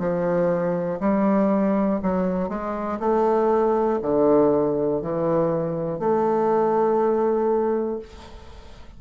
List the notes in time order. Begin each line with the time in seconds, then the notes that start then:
0.00 F3
1.00 G3
2.03 F#3
2.49 G#3
3.00 A3
4.02 D3
5.02 E3
6.00 A3